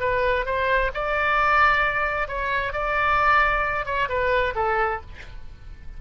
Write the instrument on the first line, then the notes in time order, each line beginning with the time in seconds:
oboe
0.00 B4
0.45 C5
0.94 D5
2.28 C#5
2.73 D5
3.86 C#5
4.09 B4
4.55 A4